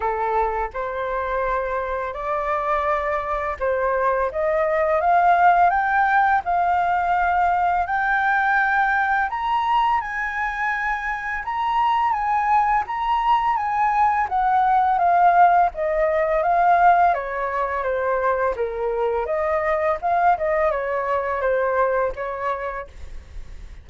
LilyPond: \new Staff \with { instrumentName = "flute" } { \time 4/4 \tempo 4 = 84 a'4 c''2 d''4~ | d''4 c''4 dis''4 f''4 | g''4 f''2 g''4~ | g''4 ais''4 gis''2 |
ais''4 gis''4 ais''4 gis''4 | fis''4 f''4 dis''4 f''4 | cis''4 c''4 ais'4 dis''4 | f''8 dis''8 cis''4 c''4 cis''4 | }